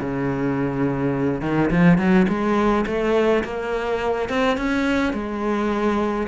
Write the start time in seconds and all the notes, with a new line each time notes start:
0.00 C#3
1.41 D#3
1.71 F3
1.98 F#3
2.28 G#3
2.86 A3
3.44 A#3
4.29 C4
4.57 C#4
5.13 G#3